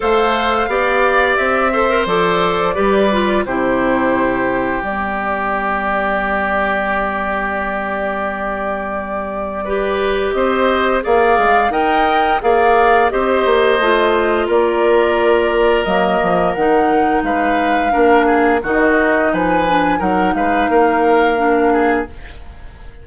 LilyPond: <<
  \new Staff \with { instrumentName = "flute" } { \time 4/4 \tempo 4 = 87 f''2 e''4 d''4~ | d''4 c''2 d''4~ | d''1~ | d''2. dis''4 |
f''4 g''4 f''4 dis''4~ | dis''4 d''2 dis''4 | fis''4 f''2 dis''4 | gis''4 fis''8 f''2~ f''8 | }
  \new Staff \with { instrumentName = "oboe" } { \time 4/4 c''4 d''4. c''4. | b'4 g'2.~ | g'1~ | g'2 b'4 c''4 |
d''4 dis''4 d''4 c''4~ | c''4 ais'2.~ | ais'4 b'4 ais'8 gis'8 fis'4 | b'4 ais'8 b'8 ais'4. gis'8 | }
  \new Staff \with { instrumentName = "clarinet" } { \time 4/4 a'4 g'4. a'16 ais'16 a'4 | g'8 f'8 e'2 b4~ | b1~ | b2 g'2 |
gis'4 ais'4 gis'4 g'4 | f'2. ais4 | dis'2 d'4 dis'4~ | dis'8 d'8 dis'2 d'4 | }
  \new Staff \with { instrumentName = "bassoon" } { \time 4/4 a4 b4 c'4 f4 | g4 c2 g4~ | g1~ | g2. c'4 |
ais8 gis8 dis'4 ais4 c'8 ais8 | a4 ais2 fis8 f8 | dis4 gis4 ais4 dis4 | f4 fis8 gis8 ais2 | }
>>